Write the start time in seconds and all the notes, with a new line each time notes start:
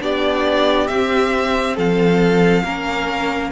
0.00 B3 D4 G4 D5
0.87 C4 E5
1.75 F3 A4 F5
2.64 A#3 C#4 A#4